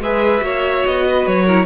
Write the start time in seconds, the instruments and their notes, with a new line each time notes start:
0.00 cello G#3, viola G#4, violin B4 E5
0.42 cello A#3, viola F#4, violin C#5
0.87 cello B3, violin D#5
1.09 violin B4
1.27 cello F#3, violin C#5
1.46 viola E4, violin A#4